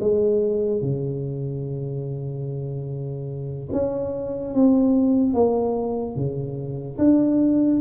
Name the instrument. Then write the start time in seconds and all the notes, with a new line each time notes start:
tuba
0.00 G#3
0.81 C#3
3.72 C#4
4.54 C4
5.33 A#3
6.16 C#3
6.98 D4